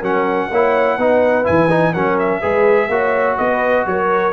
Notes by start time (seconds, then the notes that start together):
0.00 F#3 C#4 A#4 F#5
0.51 A#3 E4 C#5
0.97 B3 D#4 B4
1.45 E3 E4 G#5
1.71 D#4
1.93 F#3 C#4 A#4 F#5
2.19 E5
2.41 G#3 G#4 B4
2.89 A#3 F#4 C#5
3.37 B3 B4 D#5
3.87 F#3 A#4 C#5